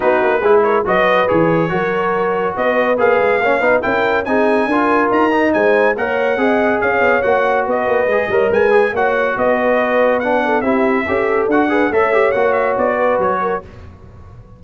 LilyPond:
<<
  \new Staff \with { instrumentName = "trumpet" } { \time 4/4 \tempo 4 = 141 b'4. cis''8 dis''4 cis''4~ | cis''2 dis''4 f''4~ | f''4 g''4 gis''2 | ais''4 gis''4 fis''2 |
f''4 fis''4 dis''2 | gis''4 fis''4 dis''2 | fis''4 e''2 fis''4 | e''4 fis''8 e''8 d''4 cis''4 | }
  \new Staff \with { instrumentName = "horn" } { \time 4/4 fis'4 gis'8 ais'8 b'2 | ais'2 b'2 | cis''8 b'8 ais'4 gis'4 ais'4~ | ais'4 c''4 cis''4 dis''4 |
cis''2 b'4. cis''8 | b'4 cis''4 b'2~ | b'8 a'8 g'4 a'4. b'8 | cis''2~ cis''8 b'4 ais'8 | }
  \new Staff \with { instrumentName = "trombone" } { \time 4/4 dis'4 e'4 fis'4 gis'4 | fis'2. gis'4 | cis'8 dis'8 e'4 dis'4 f'4~ | f'8 dis'4. ais'4 gis'4~ |
gis'4 fis'2 gis'8 ais'8~ | ais'8 gis'8 fis'2. | d'4 e'4 g'4 fis'8 gis'8 | a'8 g'8 fis'2. | }
  \new Staff \with { instrumentName = "tuba" } { \time 4/4 b8 ais8 gis4 fis4 e4 | fis2 b4 ais8 gis8 | ais8 b8 cis'4 c'4 d'4 | dis'4 gis4 ais4 c'4 |
cis'8 b8 ais4 b8 ais8 gis8 g8 | gis4 ais4 b2~ | b4 c'4 cis'4 d'4 | a4 ais4 b4 fis4 | }
>>